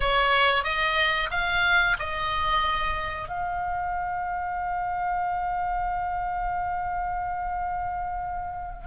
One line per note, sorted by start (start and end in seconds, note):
0.00 0.64 C#5
0.64 1.29 D#5
1.30 1.96 F5
1.99 3.28 D#5
3.28 8.87 F5